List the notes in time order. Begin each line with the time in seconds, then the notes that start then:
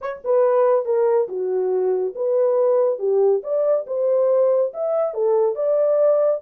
0.01 C#5
0.24 B4
0.85 A#4
1.28 F#4
2.15 B4
2.98 G4
3.43 D5
3.86 C5
4.73 E5
5.14 A4
5.55 D5